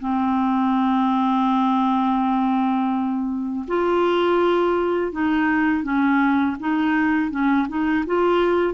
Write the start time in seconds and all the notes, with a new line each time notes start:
0.00 C4
3.68 F4
5.12 D#4
5.83 C#4
6.60 D#4
7.31 C#4
7.69 D#4
8.07 F4